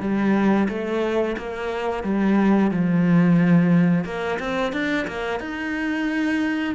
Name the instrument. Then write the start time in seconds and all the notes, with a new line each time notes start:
cello
0.00 G3
0.68 A3
1.37 A#3
2.03 G3
2.71 F3
4.04 A#3
4.39 C4
4.72 D4
5.07 A#3
5.39 D#4